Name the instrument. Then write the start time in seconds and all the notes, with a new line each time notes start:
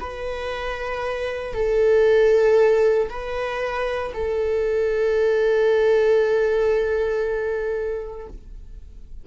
viola
0.00 B4
1.54 A4
3.09 B4
4.13 A4